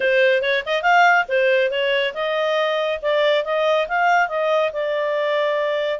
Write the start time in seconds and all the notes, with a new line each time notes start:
0.00 C5
0.42 C#5
0.65 D#5
0.82 F5
1.28 C5
1.70 C#5
2.14 D#5
3.02 D5
3.44 D#5
3.88 F5
4.28 D#5
4.73 D5